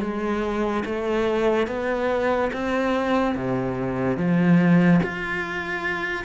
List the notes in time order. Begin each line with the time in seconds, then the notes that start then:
0.00 G#3
0.85 A3
1.67 B3
2.53 C4
3.35 C3
4.17 F3
5.03 F4